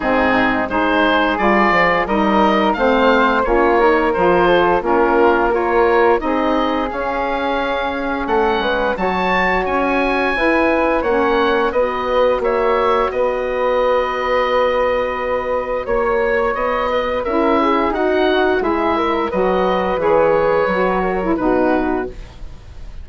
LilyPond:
<<
  \new Staff \with { instrumentName = "oboe" } { \time 4/4 \tempo 4 = 87 gis'4 c''4 d''4 dis''4 | f''4 cis''4 c''4 ais'4 | cis''4 dis''4 f''2 | fis''4 a''4 gis''2 |
fis''4 dis''4 e''4 dis''4~ | dis''2. cis''4 | dis''4 e''4 fis''4 e''4 | dis''4 cis''2 b'4 | }
  \new Staff \with { instrumentName = "flute" } { \time 4/4 dis'4 gis'2 ais'4 | c''4 f'8 ais'4 a'8 f'4 | ais'4 gis'2. | a'8 b'8 cis''2 b'4 |
cis''4 b'4 cis''4 b'4~ | b'2. cis''4~ | cis''8 b'8 ais'8 gis'8 fis'4 gis'8 ais'8 | b'2~ b'8 ais'8 fis'4 | }
  \new Staff \with { instrumentName = "saxophone" } { \time 4/4 c'4 dis'4 f'4 dis'4 | c'4 cis'8 dis'8 f'4 cis'4 | f'4 dis'4 cis'2~ | cis'4 fis'2 e'4 |
cis'4 fis'2.~ | fis'1~ | fis'4 e'4 dis'4 e'4 | fis'4 gis'4 fis'8. e'16 dis'4 | }
  \new Staff \with { instrumentName = "bassoon" } { \time 4/4 gis,4 gis4 g8 f8 g4 | a4 ais4 f4 ais4~ | ais4 c'4 cis'2 | a8 gis8 fis4 cis'4 e'4 |
ais4 b4 ais4 b4~ | b2. ais4 | b4 cis'4 dis'4 gis4 | fis4 e4 fis4 b,4 | }
>>